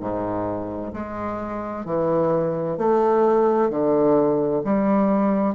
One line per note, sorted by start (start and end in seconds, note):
0.00 0.92 G#2
0.93 1.85 G#3
1.85 2.77 E3
2.77 3.70 A3
3.70 4.62 D3
4.64 5.55 G3